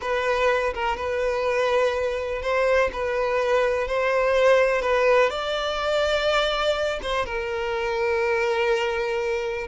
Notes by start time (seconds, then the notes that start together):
0.01 B4
0.74 A#4
0.97 B4
2.41 C5
2.92 B4
3.87 C5
4.81 B4
5.30 D5
7.02 C5
7.25 A#4